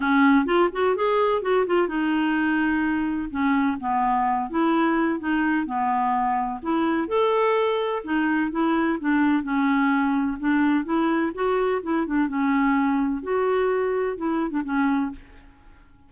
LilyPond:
\new Staff \with { instrumentName = "clarinet" } { \time 4/4 \tempo 4 = 127 cis'4 f'8 fis'8 gis'4 fis'8 f'8 | dis'2. cis'4 | b4. e'4. dis'4 | b2 e'4 a'4~ |
a'4 dis'4 e'4 d'4 | cis'2 d'4 e'4 | fis'4 e'8 d'8 cis'2 | fis'2 e'8. d'16 cis'4 | }